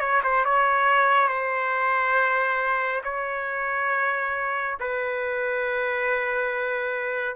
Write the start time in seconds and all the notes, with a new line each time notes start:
0.00 C#5
0.24 C5
0.45 C#5
1.28 C5
3.04 C#5
4.80 B4